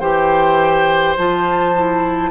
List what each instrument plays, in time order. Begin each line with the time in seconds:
0.00 bassoon E3, clarinet G4, oboe C5, flute G5
1.17 bassoon F3, clarinet F4, flute A5
1.76 clarinet E4